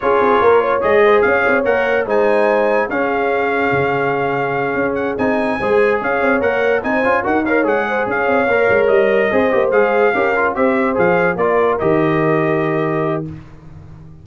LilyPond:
<<
  \new Staff \with { instrumentName = "trumpet" } { \time 4/4 \tempo 4 = 145 cis''2 dis''4 f''4 | fis''4 gis''2 f''4~ | f''1 | fis''8 gis''2 f''4 fis''8~ |
fis''8 gis''4 fis''8 f''8 fis''4 f''8~ | f''4. dis''2 f''8~ | f''4. e''4 f''4 d''8~ | d''8 dis''2.~ dis''8 | }
  \new Staff \with { instrumentName = "horn" } { \time 4/4 gis'4 ais'8 cis''4 c''8 cis''4~ | cis''4 c''2 gis'4~ | gis'1~ | gis'4. c''4 cis''4.~ |
cis''8 c''4 ais'8 cis''4 c''8 cis''8~ | cis''2~ cis''8 c''4.~ | c''8 ais'4 c''2 ais'8~ | ais'1 | }
  \new Staff \with { instrumentName = "trombone" } { \time 4/4 f'2 gis'2 | ais'4 dis'2 cis'4~ | cis'1~ | cis'8 dis'4 gis'2 ais'8~ |
ais'8 dis'8 f'8 fis'8 ais'8 gis'4.~ | gis'8 ais'2 gis'8 g'8 gis'8~ | gis'8 g'8 f'8 g'4 gis'4 f'8~ | f'8 g'2.~ g'8 | }
  \new Staff \with { instrumentName = "tuba" } { \time 4/4 cis'8 c'8 ais4 gis4 cis'8 c'8 | ais4 gis2 cis'4~ | cis'4 cis2~ cis8 cis'8~ | cis'8 c'4 gis4 cis'8 c'8 ais8~ |
ais8 c'8 cis'8 dis'4 gis4 cis'8 | c'8 ais8 gis8 g4 c'8 ais8 gis8~ | gis8 cis'4 c'4 f4 ais8~ | ais8 dis2.~ dis8 | }
>>